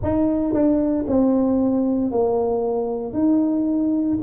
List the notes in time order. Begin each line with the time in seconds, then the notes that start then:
0.02 D#4
0.53 D4
1.07 C4
2.11 A#3
3.13 D#4